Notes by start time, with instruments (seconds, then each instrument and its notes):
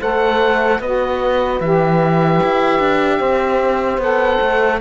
0.00 cello A3, saxophone A4, horn C5, oboe F#5
0.80 cello B3, saxophone F#4, horn B4, oboe D#5
1.60 cello E3, saxophone G4, oboe E5
2.43 cello E4
2.80 cello D4
3.19 cello C4, horn C5
3.98 cello B3, saxophone A4, oboe F#5
4.42 cello A3